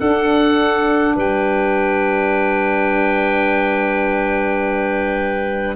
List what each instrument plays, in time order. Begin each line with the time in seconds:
0.00 saxophone D4, tuba D4, clarinet A4, oboe F#5
1.16 tuba G3, clarinet B4, oboe G5